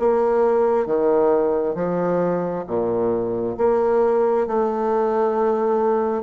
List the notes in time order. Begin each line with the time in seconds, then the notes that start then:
0.00 A#3
0.87 D#3
1.75 F3
2.67 A#2
3.58 A#3
4.48 A3